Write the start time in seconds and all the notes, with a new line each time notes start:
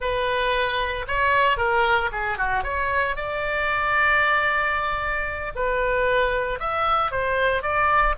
0.00 B4
1.07 C#5
1.57 A#4
2.11 G#4
2.37 F#4
2.63 C#5
3.16 D5
5.55 B4
6.59 E5
7.11 C5
7.62 D5